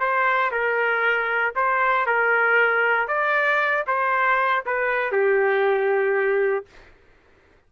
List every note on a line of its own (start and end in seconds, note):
0.00 0.51 C5
0.52 1.55 A#4
1.56 2.07 C5
2.07 3.08 A#4
3.08 3.85 D5
3.87 4.64 C5
4.66 5.12 B4
5.12 6.66 G4